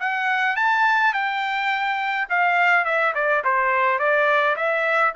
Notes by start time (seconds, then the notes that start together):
0.00 F#5
0.57 A5
1.14 G5
2.30 F5
2.85 E5
3.15 D5
3.44 C5
3.99 D5
4.57 E5